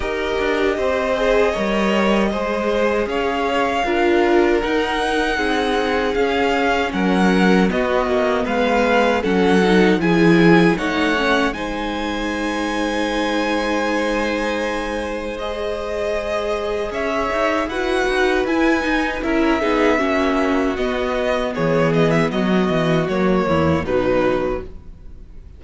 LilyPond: <<
  \new Staff \with { instrumentName = "violin" } { \time 4/4 \tempo 4 = 78 dis''1 | f''2 fis''2 | f''4 fis''4 dis''4 f''4 | fis''4 gis''4 fis''4 gis''4~ |
gis''1 | dis''2 e''4 fis''4 | gis''4 e''2 dis''4 | cis''8 dis''16 e''16 dis''4 cis''4 b'4 | }
  \new Staff \with { instrumentName = "violin" } { \time 4/4 ais'4 c''4 cis''4 c''4 | cis''4 ais'2 gis'4~ | gis'4 ais'4 fis'4 b'4 | a'4 gis'4 cis''4 c''4~ |
c''1~ | c''2 cis''4 b'4~ | b'4 ais'8 gis'8 fis'2 | gis'4 fis'4. e'8 dis'4 | }
  \new Staff \with { instrumentName = "viola" } { \time 4/4 g'4. gis'8 ais'4 gis'4~ | gis'4 f'4 dis'2 | cis'2 b2 | cis'8 dis'8 e'4 dis'8 cis'8 dis'4~ |
dis'1 | gis'2. fis'4 | e'8 dis'8 e'8 dis'8 cis'4 b4~ | b2 ais4 fis4 | }
  \new Staff \with { instrumentName = "cello" } { \time 4/4 dis'8 d'8 c'4 g4 gis4 | cis'4 d'4 dis'4 c'4 | cis'4 fis4 b8 ais8 gis4 | fis4 f4 a4 gis4~ |
gis1~ | gis2 cis'8 dis'8 e'8 dis'8 | e'8 dis'8 cis'8 b8 ais4 b4 | e4 fis8 e8 fis8 e,8 b,4 | }
>>